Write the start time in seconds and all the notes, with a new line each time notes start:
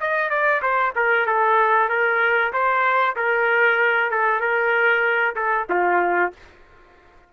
0.00 D#5
0.30 D5
0.62 C5
0.95 A#4
1.26 A4
1.89 A#4
2.52 C5
3.16 A#4
4.11 A4
4.40 A#4
5.36 A4
5.70 F4